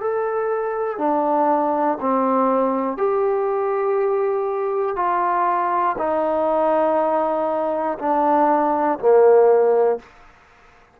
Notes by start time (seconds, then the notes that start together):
0.00 A4
0.98 D4
2.00 C4
2.97 G4
4.96 F4
5.98 D#4
7.99 D4
8.99 A#3